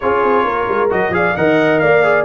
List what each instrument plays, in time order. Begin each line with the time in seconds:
0.00 tuba C#4, trombone F4, horn G#4, trumpet C#5
0.23 tuba C4
0.44 tuba A#3, horn A#4
0.68 tuba G#3
0.89 tuba F#3, trombone F#4, trumpet D#5
1.09 tuba F3, trombone G#4, trumpet F5
1.16 horn D5
1.36 tuba D#3, trombone A#4, horn D#5, trumpet F#5
1.79 tuba A#3, horn D5, trumpet F5
2.03 trombone G#4